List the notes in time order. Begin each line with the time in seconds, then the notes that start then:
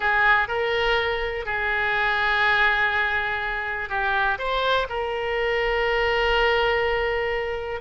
0.00 G#4
0.48 A#4
1.45 G#4
3.89 G4
4.38 C5
4.89 A#4